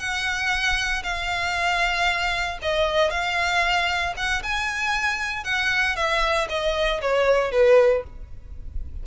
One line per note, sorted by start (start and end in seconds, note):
0.00 1.03 F#5
1.04 2.59 F5
2.63 3.11 D#5
3.11 4.14 F5
4.17 4.43 F#5
4.43 5.45 G#5
5.45 5.96 F#5
5.96 6.48 E5
6.50 7.01 D#5
7.02 7.52 C#5
7.52 8.04 B4